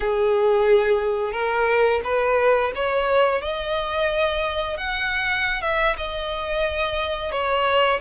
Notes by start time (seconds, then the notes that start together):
0.00 G#4
1.32 A#4
2.04 B4
2.75 C#5
3.41 D#5
4.77 F#5
5.61 E5
5.97 D#5
7.31 C#5